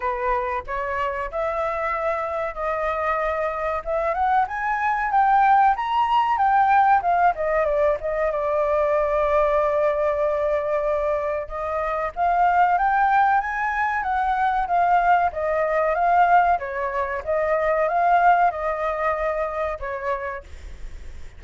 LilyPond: \new Staff \with { instrumentName = "flute" } { \time 4/4 \tempo 4 = 94 b'4 cis''4 e''2 | dis''2 e''8 fis''8 gis''4 | g''4 ais''4 g''4 f''8 dis''8 | d''8 dis''8 d''2.~ |
d''2 dis''4 f''4 | g''4 gis''4 fis''4 f''4 | dis''4 f''4 cis''4 dis''4 | f''4 dis''2 cis''4 | }